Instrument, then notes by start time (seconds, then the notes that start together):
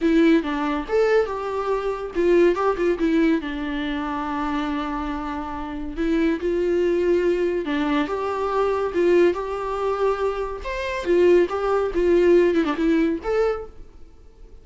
viola
0.01 E4
0.42 D4
0.88 A4
1.26 G4
2.15 F4
2.55 G4
2.76 F4
2.98 E4
3.41 D4
5.97 E4
6.40 F4
7.65 D4
8.07 G4
8.93 F4
9.33 G4
10.63 C5
11.04 F4
11.49 G4
11.94 F4
12.54 E4
12.64 D4
12.76 E4
13.23 A4